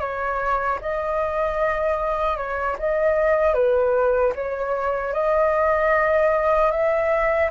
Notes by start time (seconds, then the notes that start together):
0.00 C#5
0.81 D#5
2.37 C#5
2.79 D#5
3.54 B4
4.35 C#5
5.13 D#5
6.71 E5